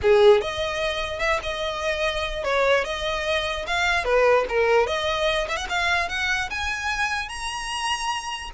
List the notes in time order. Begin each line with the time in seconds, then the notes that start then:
0.01 G#4
0.41 D#5
1.19 E5
1.42 D#5
2.44 C#5
2.84 D#5
3.66 F5
4.04 B4
4.49 A#4
4.86 D#5
5.48 E5
5.56 F#5
5.69 F5
6.08 F#5
6.50 G#5
7.28 A#5